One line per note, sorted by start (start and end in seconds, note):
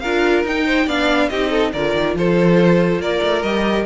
0.00 0.45 D4
0.00 0.47 F4
0.00 0.66 A#4
0.00 0.43 F5
0.45 0.87 D#4
0.45 0.89 D#4
0.45 0.89 G5
0.66 0.87 C5
0.87 1.30 B3
0.87 1.32 D4
0.87 1.29 D5
0.87 1.30 F5
1.30 1.73 C4
1.30 1.75 D#4
1.30 1.51 G4
1.30 1.72 D#5
1.51 1.72 A4
1.73 1.95 D3
1.73 3.44 F4
1.73 2.16 A#4
1.73 2.16 D5
1.95 2.15 D#3
2.15 2.99 F3
2.15 3.01 A4
2.15 3.02 C5
2.99 3.20 A#3
2.99 3.86 A#4
2.99 3.43 D5
3.23 3.43 A3
3.43 3.86 G3
3.43 3.86 G4
3.43 3.85 D#5